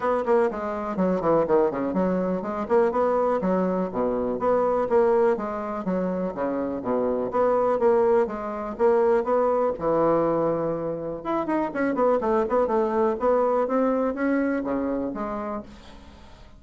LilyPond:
\new Staff \with { instrumentName = "bassoon" } { \time 4/4 \tempo 4 = 123 b8 ais8 gis4 fis8 e8 dis8 cis8 | fis4 gis8 ais8 b4 fis4 | b,4 b4 ais4 gis4 | fis4 cis4 b,4 b4 |
ais4 gis4 ais4 b4 | e2. e'8 dis'8 | cis'8 b8 a8 b8 a4 b4 | c'4 cis'4 cis4 gis4 | }